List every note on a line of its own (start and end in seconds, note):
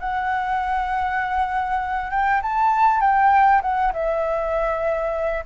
0.00 2.11 F#5
2.11 2.41 G5
2.42 3.01 A5
3.01 3.61 G5
3.62 3.92 F#5
3.93 5.45 E5